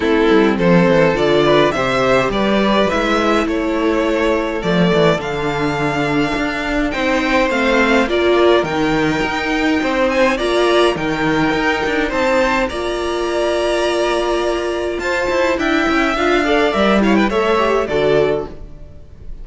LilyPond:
<<
  \new Staff \with { instrumentName = "violin" } { \time 4/4 \tempo 4 = 104 a'4 c''4 d''4 e''4 | d''4 e''4 cis''2 | d''4 f''2. | g''4 f''4 d''4 g''4~ |
g''4. gis''8 ais''4 g''4~ | g''4 a''4 ais''2~ | ais''2 a''4 g''4 | f''4 e''8 f''16 g''16 e''4 d''4 | }
  \new Staff \with { instrumentName = "violin" } { \time 4/4 e'4 a'4. b'8 c''4 | b'2 a'2~ | a'1 | c''2 ais'2~ |
ais'4 c''4 d''4 ais'4~ | ais'4 c''4 d''2~ | d''2 c''4 e''4~ | e''8 d''4 cis''16 b'16 cis''4 a'4 | }
  \new Staff \with { instrumentName = "viola" } { \time 4/4 c'2 f'4 g'4~ | g'4 e'2. | a4 d'2. | dis'4 c'4 f'4 dis'4~ |
dis'2 f'4 dis'4~ | dis'2 f'2~ | f'2. e'4 | f'8 a'8 ais'8 e'8 a'8 g'8 fis'4 | }
  \new Staff \with { instrumentName = "cello" } { \time 4/4 a8 g8 f8 e8 d4 c4 | g4 gis4 a2 | f8 e8 d2 d'4 | c'4 a4 ais4 dis4 |
dis'4 c'4 ais4 dis4 | dis'8 d'8 c'4 ais2~ | ais2 f'8 e'8 d'8 cis'8 | d'4 g4 a4 d4 | }
>>